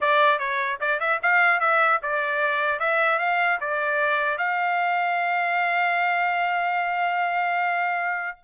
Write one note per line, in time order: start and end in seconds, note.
0.00 0.38 D5
0.38 0.78 C#5
0.80 0.99 D5
0.99 1.19 E5
1.22 1.59 F5
1.59 1.99 E5
2.02 2.79 D5
2.79 3.18 E5
3.18 3.58 F5
3.60 4.38 D5
4.38 8.38 F5